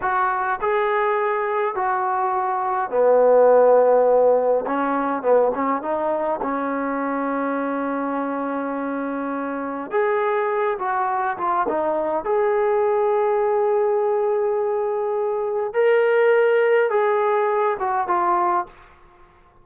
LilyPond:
\new Staff \with { instrumentName = "trombone" } { \time 4/4 \tempo 4 = 103 fis'4 gis'2 fis'4~ | fis'4 b2. | cis'4 b8 cis'8 dis'4 cis'4~ | cis'1~ |
cis'4 gis'4. fis'4 f'8 | dis'4 gis'2.~ | gis'2. ais'4~ | ais'4 gis'4. fis'8 f'4 | }